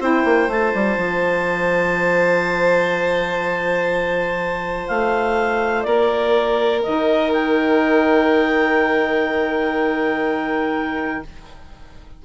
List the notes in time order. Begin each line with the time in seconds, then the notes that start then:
0.00 C4 E4 C5 G5
0.25 A#3
0.49 A3 F4 A5
0.75 G3
0.98 F3
4.88 A3 F5
5.83 A#3 A#4 D5
6.83 D#3 D#4 D#5
7.33 G5